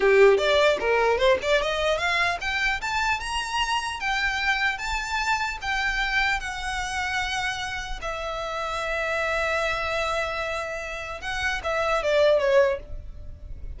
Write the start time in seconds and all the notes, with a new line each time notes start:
0.00 G4
0.37 D5
0.79 A#4
1.17 C5
1.41 D5
1.61 D#5
1.97 F5
2.40 G5
2.81 A5
3.19 A#5
3.99 G5
4.77 A5
5.61 G5
6.40 F#5
8.01 E5
11.21 F#5
11.63 E5
12.02 D5
12.39 C#5